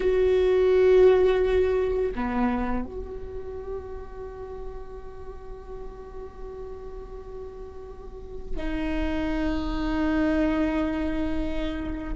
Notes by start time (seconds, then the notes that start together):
0.00 F#4
2.15 B3
2.85 F#4
8.56 D#4